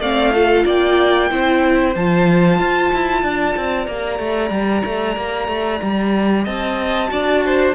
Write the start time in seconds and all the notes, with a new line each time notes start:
0.00 A3 C4 D5 F5
0.34 F4 A4
0.66 A#3 D5 G5
1.31 C4 E4 C5
1.95 F3 F4 A5
2.60 F4
2.93 E4
3.23 D4 D5
3.56 C4
3.87 A#3 G4 A#5
4.19 A3
4.50 G3
4.85 A3
5.17 A#3
5.48 A3
5.82 G3
6.45 C4 D#5 A5
7.09 D4 F#4 D5
7.46 C5